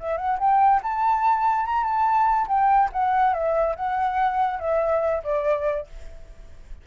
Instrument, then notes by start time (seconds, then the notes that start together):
flute
0.00 E5
0.18 F#5
0.39 G5
0.83 A5
1.66 A#5
1.84 A5
2.48 G5
2.93 F#5
3.34 E5
3.76 F#5
4.60 E5
5.24 D5